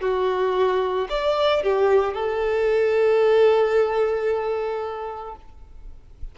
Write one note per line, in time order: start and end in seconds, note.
0.00 1.07 F#4
1.09 1.63 D5
1.63 2.14 G4
2.14 5.35 A4